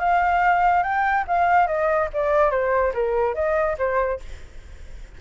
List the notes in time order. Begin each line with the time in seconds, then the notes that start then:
0.00 F5
0.83 G5
1.28 F5
1.67 D#5
2.14 D5
2.51 C5
2.94 A#4
3.35 D#5
3.79 C5